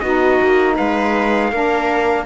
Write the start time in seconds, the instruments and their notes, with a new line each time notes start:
0.00 cello B3, saxophone D#4, viola F#4, trumpet D#5
0.41 cello A#3
0.75 cello G#3, viola B4, trumpet F5
1.52 cello A#3, saxophone D4, viola A#4